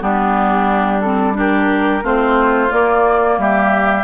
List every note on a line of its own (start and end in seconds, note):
0.00 2.03 G3
0.00 1.01 B3
0.00 1.37 D4
0.00 1.01 G4
1.01 1.34 C4
1.01 1.34 A4
1.34 2.01 D4
1.34 2.03 G4
1.34 2.05 A#4
2.03 2.70 A3
2.03 2.69 C4
2.03 3.38 F4
2.03 2.71 C5
2.69 4.04 A#3
2.69 3.38 A#3
2.69 3.39 D5
3.38 4.04 G3
3.38 4.04 G4
3.38 4.04 E5